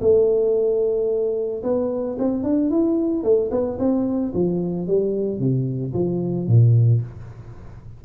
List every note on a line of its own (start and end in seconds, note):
0.00 1.62 A3
1.62 2.16 B3
2.18 2.43 C4
2.43 2.70 D4
2.70 3.23 E4
3.23 3.50 A3
3.51 3.78 B3
3.78 4.32 C4
4.33 4.87 F3
4.87 5.39 G3
5.39 5.93 C3
5.93 6.47 F3
6.47 7.01 A#2